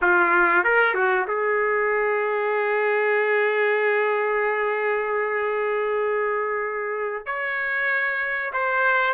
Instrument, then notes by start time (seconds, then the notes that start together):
trumpet
0.01 F4
0.63 A#4
0.94 F#4
1.27 G#4
7.26 C#5
8.53 C5